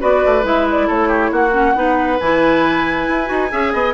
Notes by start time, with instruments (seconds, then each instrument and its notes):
0.00 bassoon B3, clarinet F#4, oboe B4, flute D5
0.25 bassoon A3
0.43 bassoon G#3, clarinet E4, flute E5
0.71 flute D5
0.88 bassoon A3, oboe A4, flute C#5
1.08 oboe G4
1.31 bassoon A#3, oboe F#4, flute F#5
1.51 clarinet C#4
1.75 bassoon B3, clarinet D#4, oboe B4
2.20 bassoon E3, clarinet E4, flute G#5
3.08 bassoon E4
3.26 bassoon D#4, clarinet F#4
3.51 bassoon C#4, clarinet G#4, oboe E5
3.73 bassoon B3, oboe D#5